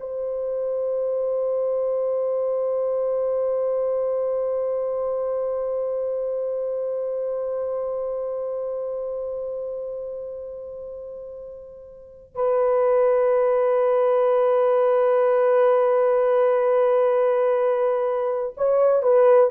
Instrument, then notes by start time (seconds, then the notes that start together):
horn
0.00 C5
12.35 B4
18.57 C#5
19.03 B4